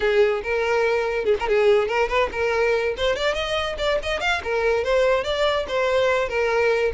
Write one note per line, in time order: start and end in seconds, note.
0.00 0.42 G#4
0.43 1.24 A#4
1.24 1.35 G#4
1.39 1.48 A#4
1.48 1.88 G#4
1.88 2.08 A#4
2.08 2.29 B4
2.32 2.94 A#4
2.97 3.15 C5
3.15 3.34 D5
3.34 3.76 D#5
3.78 3.99 D5
4.02 4.20 D#5
4.20 4.41 F5
4.43 4.83 A#4
4.83 5.24 C5
5.24 5.65 D5
5.68 6.28 C5
6.28 6.91 A#4